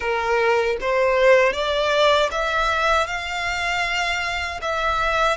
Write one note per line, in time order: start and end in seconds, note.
0.00 0.77 A#4
0.80 1.52 C5
1.52 2.29 D5
2.31 3.06 E5
3.06 4.60 F5
4.62 5.36 E5